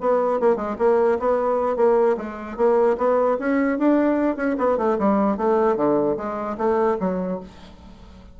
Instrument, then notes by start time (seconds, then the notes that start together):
bassoon
0.00 B3
0.40 A#3
0.55 G#3
0.78 A#3
1.19 B3
1.76 A#3
2.17 G#3
2.57 A#3
2.97 B3
3.39 C#4
3.78 D4
4.36 C#4
4.57 B3
4.77 A3
4.98 G3
5.37 A3
5.76 D3
6.16 G#3
6.57 A3
6.99 F#3